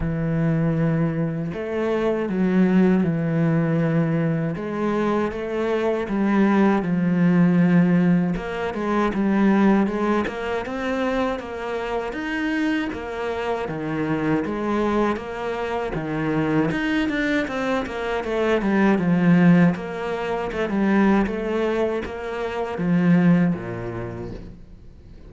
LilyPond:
\new Staff \with { instrumentName = "cello" } { \time 4/4 \tempo 4 = 79 e2 a4 fis4 | e2 gis4 a4 | g4 f2 ais8 gis8 | g4 gis8 ais8 c'4 ais4 |
dis'4 ais4 dis4 gis4 | ais4 dis4 dis'8 d'8 c'8 ais8 | a8 g8 f4 ais4 a16 g8. | a4 ais4 f4 ais,4 | }